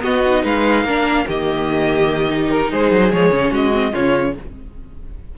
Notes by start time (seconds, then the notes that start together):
0.00 B3 F#4 D#5
0.26 D#4
0.44 G#3 B4 F5
0.84 A#3 D4 A#4
1.26 D#3 A#3 G4 D#5
2.30 D#4
2.51 A#4
2.70 G#3 G#4 C5
2.91 F#3
3.11 F3 G#3 C#5
3.30 C#3 C#4
3.51 G#3 F#4 D#5
3.73 C4
3.92 C#3 C#4 F4 C#5